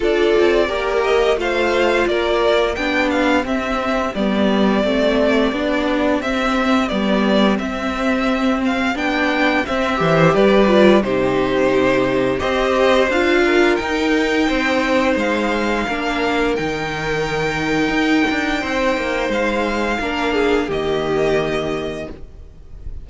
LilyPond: <<
  \new Staff \with { instrumentName = "violin" } { \time 4/4 \tempo 4 = 87 d''4. dis''8 f''4 d''4 | g''8 f''8 e''4 d''2~ | d''4 e''4 d''4 e''4~ | e''8 f''8 g''4 e''4 d''4 |
c''2 dis''4 f''4 | g''2 f''2 | g''1 | f''2 dis''2 | }
  \new Staff \with { instrumentName = "violin" } { \time 4/4 a'4 ais'4 c''4 ais'4 | g'1~ | g'1~ | g'2~ g'8 c''8 b'4 |
g'2 c''4. ais'8~ | ais'4 c''2 ais'4~ | ais'2. c''4~ | c''4 ais'8 gis'8 g'2 | }
  \new Staff \with { instrumentName = "viola" } { \time 4/4 f'4 g'4 f'2 | d'4 c'4 b4 c'4 | d'4 c'4 b4 c'4~ | c'4 d'4 c'8 g'4 f'8 |
dis'2 g'4 f'4 | dis'2. d'4 | dis'1~ | dis'4 d'4 ais2 | }
  \new Staff \with { instrumentName = "cello" } { \time 4/4 d'8 c'8 ais4 a4 ais4 | b4 c'4 g4 a4 | b4 c'4 g4 c'4~ | c'4 b4 c'8 e8 g4 |
c2 c'4 d'4 | dis'4 c'4 gis4 ais4 | dis2 dis'8 d'8 c'8 ais8 | gis4 ais4 dis2 | }
>>